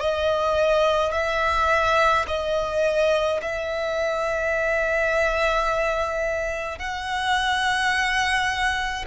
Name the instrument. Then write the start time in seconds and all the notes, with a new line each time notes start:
violin
0.00 D#5
1.12 E5
2.27 D#5
3.42 E5
6.79 F#5